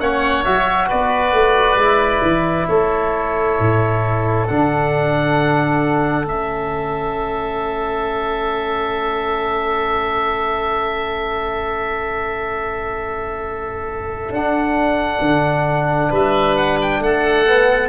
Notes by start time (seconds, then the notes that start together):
0.00 A#3 C#4 C#5 F#5
0.45 F#3 F#4 E5
0.88 B3 B4 D5
1.33 A3
1.76 G#3 E4
2.22 E3
2.69 A3 A4 C#5
3.60 A2
4.47 D3 D4 F#5
6.25 A3 C#4 E5
14.30 D4 F#5
15.21 D3
16.10 G3 B4 E5
16.57 F#5
16.82 G5
17.00 A3 A4 F#5
17.47 B3